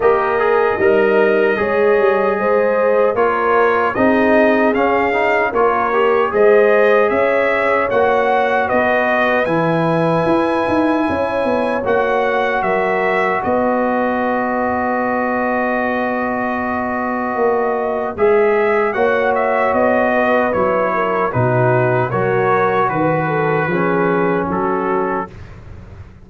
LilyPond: <<
  \new Staff \with { instrumentName = "trumpet" } { \time 4/4 \tempo 4 = 76 dis''1 | cis''4 dis''4 f''4 cis''4 | dis''4 e''4 fis''4 dis''4 | gis''2. fis''4 |
e''4 dis''2.~ | dis''2. e''4 | fis''8 e''8 dis''4 cis''4 b'4 | cis''4 b'2 a'4 | }
  \new Staff \with { instrumentName = "horn" } { \time 4/4 ais'4 dis'4 cis''4 c''4 | ais'4 gis'2 ais'4 | c''4 cis''2 b'4~ | b'2 cis''2 |
ais'4 b'2.~ | b'1 | cis''4. b'4 ais'8 fis'4 | ais'4 b'8 a'8 gis'4 fis'4 | }
  \new Staff \with { instrumentName = "trombone" } { \time 4/4 g'8 gis'8 ais'4 gis'2 | f'4 dis'4 cis'8 dis'8 f'8 g'8 | gis'2 fis'2 | e'2. fis'4~ |
fis'1~ | fis'2. gis'4 | fis'2 e'4 dis'4 | fis'2 cis'2 | }
  \new Staff \with { instrumentName = "tuba" } { \time 4/4 ais4 g4 gis8 g8 gis4 | ais4 c'4 cis'4 ais4 | gis4 cis'4 ais4 b4 | e4 e'8 dis'8 cis'8 b8 ais4 |
fis4 b2.~ | b2 ais4 gis4 | ais4 b4 fis4 b,4 | fis4 dis4 f4 fis4 | }
>>